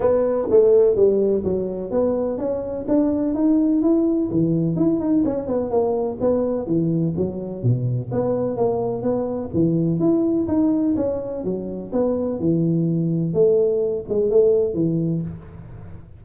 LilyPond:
\new Staff \with { instrumentName = "tuba" } { \time 4/4 \tempo 4 = 126 b4 a4 g4 fis4 | b4 cis'4 d'4 dis'4 | e'4 e4 e'8 dis'8 cis'8 b8 | ais4 b4 e4 fis4 |
b,4 b4 ais4 b4 | e4 e'4 dis'4 cis'4 | fis4 b4 e2 | a4. gis8 a4 e4 | }